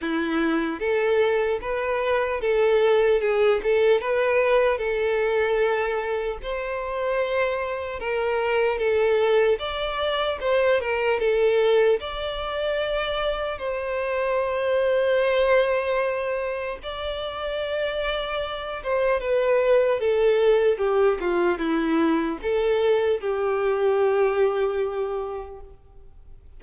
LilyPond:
\new Staff \with { instrumentName = "violin" } { \time 4/4 \tempo 4 = 75 e'4 a'4 b'4 a'4 | gis'8 a'8 b'4 a'2 | c''2 ais'4 a'4 | d''4 c''8 ais'8 a'4 d''4~ |
d''4 c''2.~ | c''4 d''2~ d''8 c''8 | b'4 a'4 g'8 f'8 e'4 | a'4 g'2. | }